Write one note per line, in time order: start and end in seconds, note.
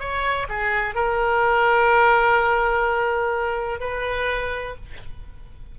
0.00 0.47 C#5
0.49 0.95 G#4
0.95 3.80 A#4
3.80 4.75 B4